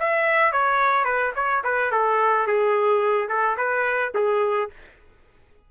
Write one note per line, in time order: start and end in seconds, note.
0.00 0.53 E5
0.53 1.05 C#5
1.05 1.33 B4
1.36 1.63 C#5
1.64 1.92 B4
1.92 2.47 A4
2.47 3.29 G#4
3.29 3.57 A4
3.57 4.13 B4
4.15 4.70 G#4